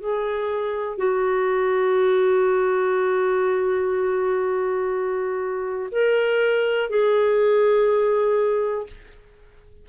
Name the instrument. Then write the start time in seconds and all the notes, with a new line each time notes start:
clarinet
0.00 G#4
0.98 F#4
5.92 A#4
6.90 G#4